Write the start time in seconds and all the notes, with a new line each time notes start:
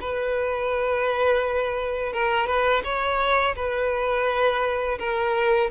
0.00 B4
2.13 A#4
2.46 B4
2.83 C#5
3.55 B4
4.98 A#4